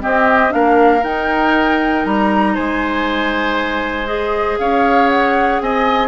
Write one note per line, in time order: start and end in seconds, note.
0.00 0.50 C4
0.00 0.54 C4
0.00 0.54 G4
0.00 0.53 D#5
0.50 1.03 A#3
0.50 1.01 D4
0.50 2.55 A#4
0.50 1.04 F5
1.03 2.05 D#4
1.03 4.06 D#4
1.03 2.05 G5
2.05 2.57 G3
2.05 2.56 A#5
2.55 4.59 G#3
2.55 4.58 C5
2.55 4.07 G#5
4.06 6.09 G#4
4.06 4.58 D#5
4.59 5.61 C#4
4.59 5.62 C#5
4.59 5.10 F5
5.10 5.61 F#5
5.61 6.09 C4
5.61 6.09 D#5
5.61 6.09 G#5